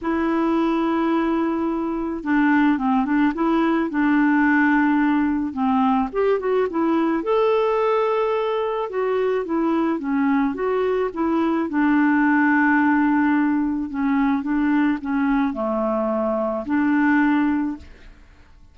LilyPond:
\new Staff \with { instrumentName = "clarinet" } { \time 4/4 \tempo 4 = 108 e'1 | d'4 c'8 d'8 e'4 d'4~ | d'2 c'4 g'8 fis'8 | e'4 a'2. |
fis'4 e'4 cis'4 fis'4 | e'4 d'2.~ | d'4 cis'4 d'4 cis'4 | a2 d'2 | }